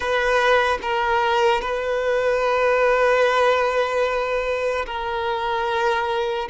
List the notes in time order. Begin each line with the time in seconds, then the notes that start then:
0.00 B4
0.81 A#4
1.61 B4
4.86 A#4